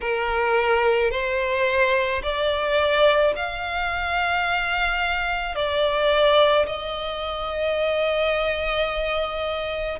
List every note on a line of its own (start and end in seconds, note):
0.01 1.11 A#4
1.11 2.22 C5
2.22 3.33 D5
3.36 5.55 F5
5.55 6.66 D5
6.66 9.99 D#5